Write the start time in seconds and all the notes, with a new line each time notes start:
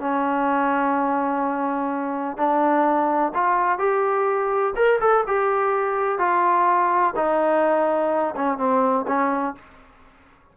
0.00 C#4
2.37 D4
3.35 F4
3.79 G4
4.76 A#4
5.01 A4
5.27 G4
6.19 F4
7.16 D#4
8.36 C#4
8.58 C4
9.08 C#4